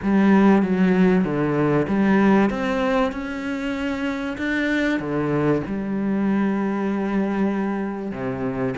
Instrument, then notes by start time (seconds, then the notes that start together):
cello
0.02 G3
0.62 F#3
1.24 D3
1.88 G3
2.49 C4
3.11 C#4
4.37 D4
4.99 D3
5.66 G3
8.11 C3